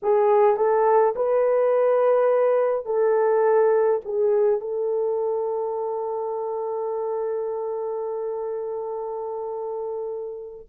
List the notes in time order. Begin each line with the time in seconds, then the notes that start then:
0.02 G#4
0.56 A4
1.15 B4
2.85 A4
4.04 G#4
4.60 A4